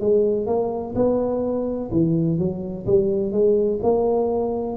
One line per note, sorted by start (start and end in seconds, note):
0.00 0.46 G#3
0.46 0.94 A#3
0.95 1.90 B3
1.91 2.39 E3
2.39 2.86 F#3
2.86 3.32 G3
3.32 3.79 G#3
3.83 4.77 A#3